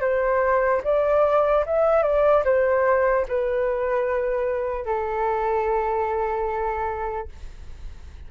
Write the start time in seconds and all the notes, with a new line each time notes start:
0.00 C5
0.83 D5
1.65 E5
2.02 D5
2.44 C5
3.28 B4
4.85 A4